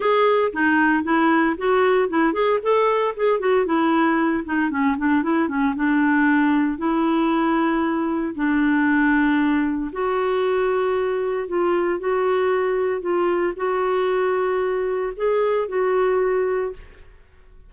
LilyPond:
\new Staff \with { instrumentName = "clarinet" } { \time 4/4 \tempo 4 = 115 gis'4 dis'4 e'4 fis'4 | e'8 gis'8 a'4 gis'8 fis'8 e'4~ | e'8 dis'8 cis'8 d'8 e'8 cis'8 d'4~ | d'4 e'2. |
d'2. fis'4~ | fis'2 f'4 fis'4~ | fis'4 f'4 fis'2~ | fis'4 gis'4 fis'2 | }